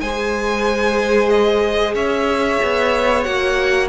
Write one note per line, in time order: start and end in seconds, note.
0.00 1.94 G#3
0.00 3.24 G#4
0.00 1.94 C5
0.00 1.29 G#5
1.29 1.94 D#5
1.94 2.59 C#4
1.94 3.88 C#5
1.94 3.23 E5
2.62 3.26 B3
3.23 3.88 A#3
3.23 3.88 F#4
3.23 3.88 F#5